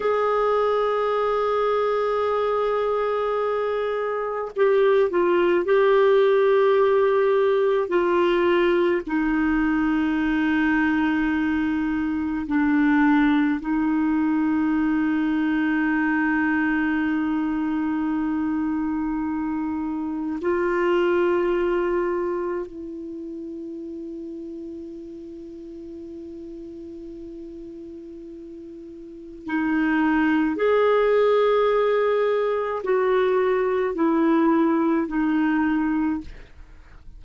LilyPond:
\new Staff \with { instrumentName = "clarinet" } { \time 4/4 \tempo 4 = 53 gis'1 | g'8 f'8 g'2 f'4 | dis'2. d'4 | dis'1~ |
dis'2 f'2 | e'1~ | e'2 dis'4 gis'4~ | gis'4 fis'4 e'4 dis'4 | }